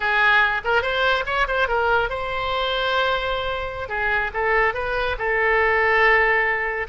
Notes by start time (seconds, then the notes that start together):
0.00 G#4
0.64 A#4
0.82 C5
1.26 C#5
1.47 C5
1.67 A#4
2.09 C5
3.88 G#4
4.33 A4
4.74 B4
5.18 A4